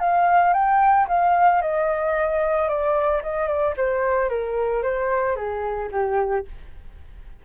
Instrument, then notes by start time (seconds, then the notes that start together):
flute
0.00 F5
0.54 G5
1.08 F5
1.62 D#5
2.69 D5
3.23 D#5
3.48 D5
3.77 C5
4.30 A#4
4.83 C5
5.36 G#4
5.92 G4